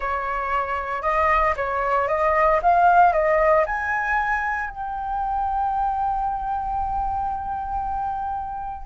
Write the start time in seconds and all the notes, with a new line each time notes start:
0.00 C#5
1.02 D#5
1.56 C#5
2.08 D#5
2.62 F5
3.13 D#5
3.65 G#5
4.69 G5